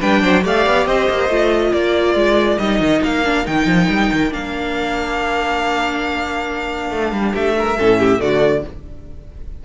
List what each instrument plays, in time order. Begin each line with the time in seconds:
0.00 cello G3, viola D4, violin B4 G5
0.22 cello F#3, violin C5
0.42 cello A3, viola G4, violin D5 F5
0.66 cello B3
0.86 cello C4, violin C5 D#5
1.10 cello A#3
1.29 cello A3, viola F4
1.72 cello A#3, violin A#4 D5
2.15 cello G#3
2.58 cello G3, viola D#4, violin D#5
2.80 cello D#3
3.03 cello A#3, violin F5
3.24 viola D4
3.45 cello D#3, viola D#4, violin G5
3.66 cello F3
3.89 cello G3
4.12 cello D#3
4.30 cello A#3, viola D4, violin F5
6.91 cello A3
7.12 cello G3
7.33 cello A3, violin G4 E5
7.58 violin A#4
7.78 cello A2, viola C#4, violin A4
7.99 violin G4
8.18 cello D3, viola A3, violin F#4 D5